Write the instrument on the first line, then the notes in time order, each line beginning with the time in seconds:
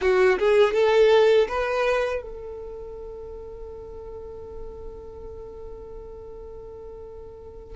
violin
0.01 F#4
0.38 G#4
0.73 A4
1.48 B4
2.22 A4